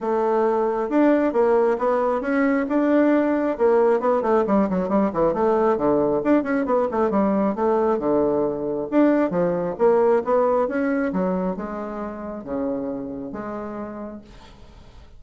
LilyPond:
\new Staff \with { instrumentName = "bassoon" } { \time 4/4 \tempo 4 = 135 a2 d'4 ais4 | b4 cis'4 d'2 | ais4 b8 a8 g8 fis8 g8 e8 | a4 d4 d'8 cis'8 b8 a8 |
g4 a4 d2 | d'4 f4 ais4 b4 | cis'4 fis4 gis2 | cis2 gis2 | }